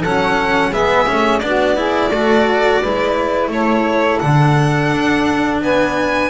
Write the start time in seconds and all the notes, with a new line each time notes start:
0.00 F#3 C#4 A4 F#5
0.69 G#3 B3 G#4 E5
1.06 A3 C#4
1.39 B3 D4 F#4 D5
1.76 E4 G#4
2.09 A3 F#4 A4
2.81 G#3 E4 B4
3.47 A3 A4 C#5
4.19 D3 D4 F#5
4.92 D4
5.61 B3 B4 G#5